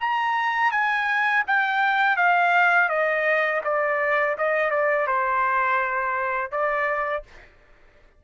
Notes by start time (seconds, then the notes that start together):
0.00 A#5
0.71 G#5
1.47 G5
2.17 F5
2.89 D#5
3.64 D5
4.38 D#5
4.71 D5
5.07 C5
6.51 D5